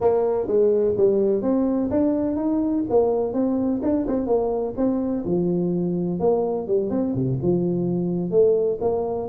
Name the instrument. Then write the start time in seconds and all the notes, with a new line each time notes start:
tuba
0.00 A#3
0.47 G#3
0.97 G3
1.42 C4
1.90 D4
2.36 D#4
2.89 A#3
3.33 C4
3.82 D4
4.07 C4
4.26 A#3
4.76 C4
5.25 F3
6.19 A#3
6.67 G3
6.90 C4
7.15 C3
7.42 F3
8.30 A3
8.81 A#3